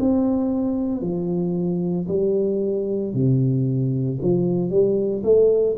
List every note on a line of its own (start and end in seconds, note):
0.00 1.02 C4
1.02 2.07 F3
2.09 3.14 G3
3.14 4.19 C3
4.22 4.70 F3
4.70 5.23 G3
5.24 5.77 A3